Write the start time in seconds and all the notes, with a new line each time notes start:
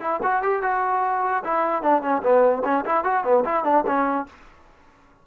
0.00 E4
0.22 F#4
0.42 G4
0.62 F#4
1.44 E4
1.82 D4
2.02 C#4
2.22 B3
2.64 C#4
2.85 E4
3.04 F#4
3.24 B3
3.44 E4
3.64 D4
3.86 C#4